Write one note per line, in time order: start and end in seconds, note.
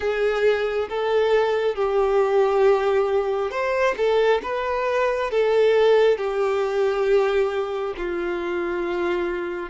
0.00 0.88 G#4
0.89 1.75 A4
1.75 3.51 G4
3.51 3.95 C5
3.97 4.41 A4
4.42 5.31 B4
5.31 6.17 A4
6.17 7.94 G4
7.97 9.69 F4